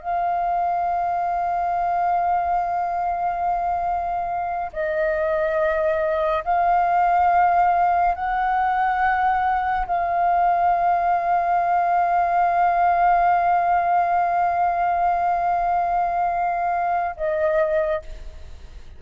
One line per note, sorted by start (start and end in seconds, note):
0.00 4.71 F5
4.73 6.44 D#5
6.44 8.15 F5
8.15 9.86 F#5
9.87 17.15 F5
17.16 18.02 D#5